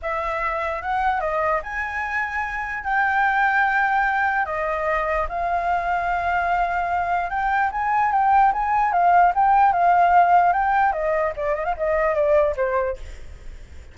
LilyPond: \new Staff \with { instrumentName = "flute" } { \time 4/4 \tempo 4 = 148 e''2 fis''4 dis''4 | gis''2. g''4~ | g''2. dis''4~ | dis''4 f''2.~ |
f''2 g''4 gis''4 | g''4 gis''4 f''4 g''4 | f''2 g''4 dis''4 | d''8 dis''16 f''16 dis''4 d''4 c''4 | }